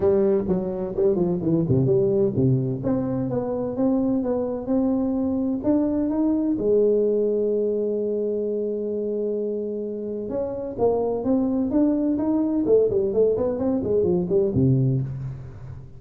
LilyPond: \new Staff \with { instrumentName = "tuba" } { \time 4/4 \tempo 4 = 128 g4 fis4 g8 f8 e8 c8 | g4 c4 c'4 b4 | c'4 b4 c'2 | d'4 dis'4 gis2~ |
gis1~ | gis2 cis'4 ais4 | c'4 d'4 dis'4 a8 g8 | a8 b8 c'8 gis8 f8 g8 c4 | }